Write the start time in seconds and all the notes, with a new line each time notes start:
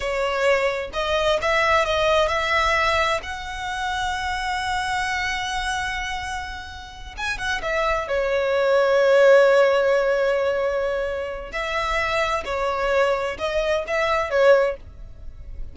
0.00 C#5
0.93 D#5
1.41 E5
1.85 D#5
2.28 E5
3.22 F#5
7.17 G#5
7.38 F#5
7.62 E5
8.07 C#5
11.52 E5
12.44 C#5
13.38 D#5
13.87 E5
14.30 C#5